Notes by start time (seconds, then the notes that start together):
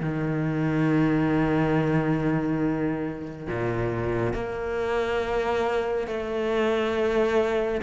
0.00 D#3
3.47 A#2
4.34 A#3
6.07 A3